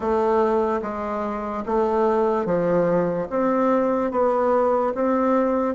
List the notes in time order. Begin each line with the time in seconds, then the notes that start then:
0.00 A3
0.81 G#3
1.66 A3
2.45 F3
3.30 C4
4.11 B3
4.95 C4